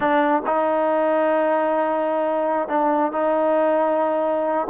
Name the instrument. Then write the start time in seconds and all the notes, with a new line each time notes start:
trombone
0.00 D4
0.46 D#4
2.68 D4
3.12 D#4